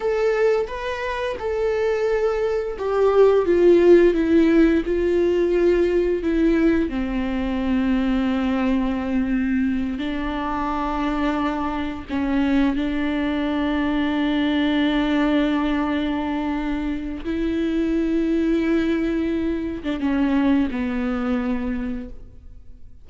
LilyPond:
\new Staff \with { instrumentName = "viola" } { \time 4/4 \tempo 4 = 87 a'4 b'4 a'2 | g'4 f'4 e'4 f'4~ | f'4 e'4 c'2~ | c'2~ c'8 d'4.~ |
d'4. cis'4 d'4.~ | d'1~ | d'4 e'2.~ | e'8. d'16 cis'4 b2 | }